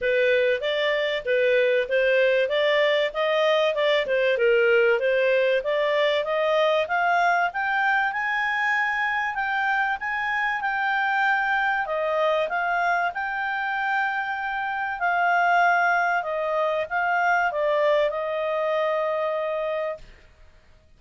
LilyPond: \new Staff \with { instrumentName = "clarinet" } { \time 4/4 \tempo 4 = 96 b'4 d''4 b'4 c''4 | d''4 dis''4 d''8 c''8 ais'4 | c''4 d''4 dis''4 f''4 | g''4 gis''2 g''4 |
gis''4 g''2 dis''4 | f''4 g''2. | f''2 dis''4 f''4 | d''4 dis''2. | }